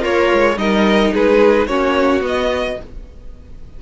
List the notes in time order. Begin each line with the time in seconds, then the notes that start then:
0.00 A#3 F4 A#4 C#5
0.33 G#3
0.57 G3 D#4 A#4 D#5
1.13 G#3 G#4 B4
1.67 A#3 C#4 F#4 C#5
2.21 B3
2.27 D#5